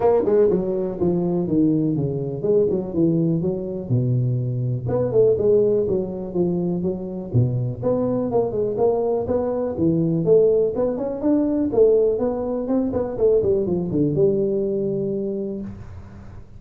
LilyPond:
\new Staff \with { instrumentName = "tuba" } { \time 4/4 \tempo 4 = 123 ais8 gis8 fis4 f4 dis4 | cis4 gis8 fis8 e4 fis4 | b,2 b8 a8 gis4 | fis4 f4 fis4 b,4 |
b4 ais8 gis8 ais4 b4 | e4 a4 b8 cis'8 d'4 | a4 b4 c'8 b8 a8 g8 | f8 d8 g2. | }